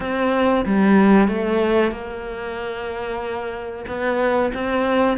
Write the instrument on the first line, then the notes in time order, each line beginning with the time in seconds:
cello
0.00 C4
0.65 G3
1.27 A3
1.91 A#3
3.87 B3
4.54 C4